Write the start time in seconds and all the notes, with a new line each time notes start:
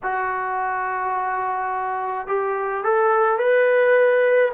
0.03 F#4
2.27 G4
2.84 A4
3.38 B4